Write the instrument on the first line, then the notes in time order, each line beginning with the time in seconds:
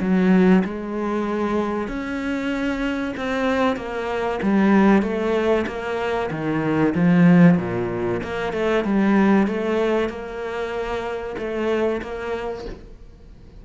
cello
0.00 F#3
0.64 G#3
1.88 C#4
3.16 C4
3.76 A#3
4.42 G3
5.02 A3
5.67 A#3
6.31 D#3
6.95 F3
7.58 A#2
8.23 A#3
8.53 A3
8.84 G3
9.47 A3
10.09 A#3
11.38 A3
12.01 A#3